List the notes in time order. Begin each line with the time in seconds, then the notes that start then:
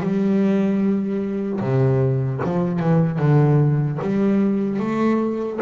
0.00 G3
1.60 C3
2.44 F3
2.79 E3
3.19 D3
4.01 G3
4.79 A3